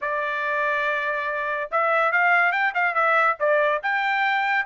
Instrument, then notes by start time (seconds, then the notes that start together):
trumpet
0.01 D5
1.71 E5
2.12 F5
2.51 G5
2.74 F5
2.94 E5
3.39 D5
3.83 G5